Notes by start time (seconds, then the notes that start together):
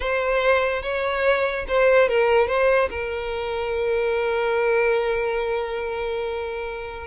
0.00 C5
0.82 C#5
1.68 C5
2.08 A#4
2.47 C5
2.90 A#4